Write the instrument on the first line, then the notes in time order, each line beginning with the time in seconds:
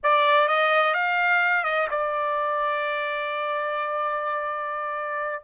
trumpet
0.03 D5
0.47 D#5
0.93 F5
1.63 D#5
1.90 D5